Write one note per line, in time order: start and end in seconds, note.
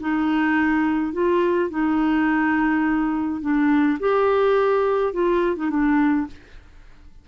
0.00 1.13 D#4
1.13 1.70 F4
1.70 3.41 D#4
3.41 3.98 D4
4.00 5.13 G4
5.13 5.56 F4
5.56 5.70 D#4
5.70 6.27 D4